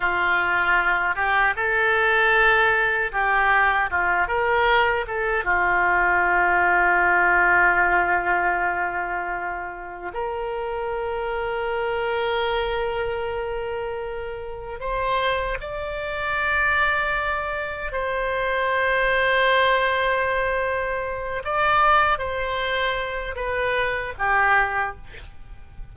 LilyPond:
\new Staff \with { instrumentName = "oboe" } { \time 4/4 \tempo 4 = 77 f'4. g'8 a'2 | g'4 f'8 ais'4 a'8 f'4~ | f'1~ | f'4 ais'2.~ |
ais'2. c''4 | d''2. c''4~ | c''2.~ c''8 d''8~ | d''8 c''4. b'4 g'4 | }